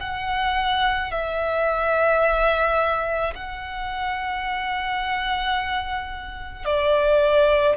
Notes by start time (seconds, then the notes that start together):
0.00 F#5
1.11 E5
3.34 F#5
6.65 D5